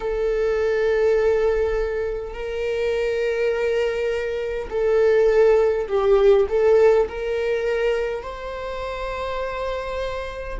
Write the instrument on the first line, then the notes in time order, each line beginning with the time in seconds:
viola
0.00 A4
2.33 A#4
4.70 A4
5.88 G4
6.48 A4
7.08 A#4
8.22 C5